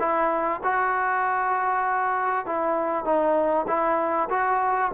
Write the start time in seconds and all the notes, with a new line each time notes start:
0.00 E4
0.64 F#4
2.46 E4
3.05 D#4
3.68 E4
4.30 F#4